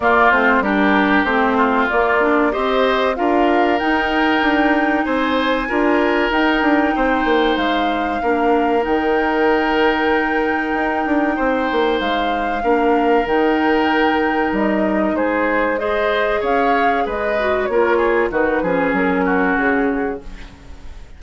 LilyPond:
<<
  \new Staff \with { instrumentName = "flute" } { \time 4/4 \tempo 4 = 95 d''8 c''8 ais'4 c''4 d''4 | dis''4 f''4 g''2 | gis''2 g''2 | f''2 g''2~ |
g''2. f''4~ | f''4 g''2 dis''4 | c''4 dis''4 f''4 dis''4 | cis''4 b'4 ais'4 gis'4 | }
  \new Staff \with { instrumentName = "oboe" } { \time 4/4 f'4 g'4. f'4. | c''4 ais'2. | c''4 ais'2 c''4~ | c''4 ais'2.~ |
ais'2 c''2 | ais'1 | gis'4 c''4 cis''4 b'4 | ais'8 gis'8 fis'8 gis'4 fis'4. | }
  \new Staff \with { instrumentName = "clarinet" } { \time 4/4 ais8 c'8 d'4 c'4 ais8 d'8 | g'4 f'4 dis'2~ | dis'4 f'4 dis'2~ | dis'4 d'4 dis'2~ |
dis'1 | d'4 dis'2.~ | dis'4 gis'2~ gis'8 fis'8 | f'4 dis'8 cis'2~ cis'8 | }
  \new Staff \with { instrumentName = "bassoon" } { \time 4/4 ais8 a8 g4 a4 ais4 | c'4 d'4 dis'4 d'4 | c'4 d'4 dis'8 d'8 c'8 ais8 | gis4 ais4 dis2~ |
dis4 dis'8 d'8 c'8 ais8 gis4 | ais4 dis2 g4 | gis2 cis'4 gis4 | ais4 dis8 f8 fis4 cis4 | }
>>